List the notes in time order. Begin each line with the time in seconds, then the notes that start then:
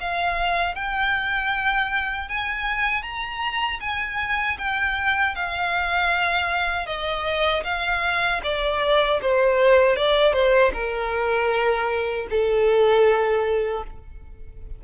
0.00 F5
0.75 G5
2.29 G#5
3.02 A#5
3.80 G#5
4.58 G5
5.35 F5
6.86 D#5
7.64 F5
8.43 D5
9.21 C5
9.96 D5
10.33 C5
10.73 A#4
12.30 A4